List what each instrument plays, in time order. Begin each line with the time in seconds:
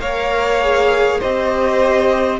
0.00 cello A#3, viola A#4, violin C#5 F5
0.62 viola G#4
1.20 cello C4, viola G4, violin C5 D#5